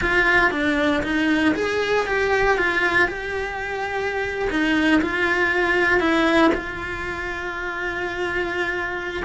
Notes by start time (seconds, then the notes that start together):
0.01 F4
0.51 D4
1.03 D#4
1.55 G#4
2.06 G4
2.57 F4
3.07 G4
4.50 D#4
5.01 F4
6.00 E4
6.54 F4